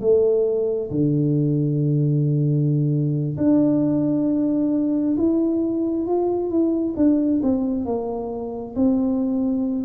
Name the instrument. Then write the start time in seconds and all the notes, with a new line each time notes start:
tuba
0.00 A3
0.90 D3
3.37 D4
5.17 E4
6.06 F4
6.50 E4
6.96 D4
7.42 C4
7.85 A#3
8.76 C4